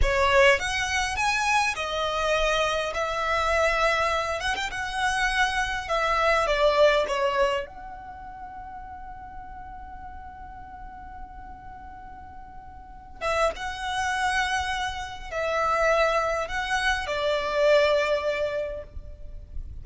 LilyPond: \new Staff \with { instrumentName = "violin" } { \time 4/4 \tempo 4 = 102 cis''4 fis''4 gis''4 dis''4~ | dis''4 e''2~ e''8 fis''16 g''16 | fis''2 e''4 d''4 | cis''4 fis''2.~ |
fis''1~ | fis''2~ fis''8 e''8 fis''4~ | fis''2 e''2 | fis''4 d''2. | }